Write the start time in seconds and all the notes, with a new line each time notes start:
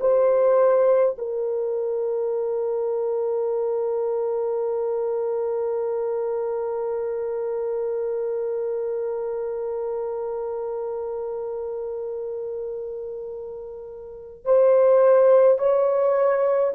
0.00 C5
1.17 A#4
14.44 C5
15.58 C#5